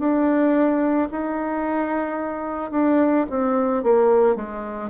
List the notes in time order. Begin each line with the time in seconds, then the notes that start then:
0.00 D4
1.12 D#4
2.72 D4
3.30 C4
3.84 A#3
4.36 G#3